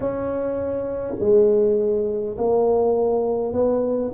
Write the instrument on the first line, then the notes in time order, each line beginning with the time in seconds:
tuba
0.00 C#4
1.19 G#3
2.37 A#3
3.52 B3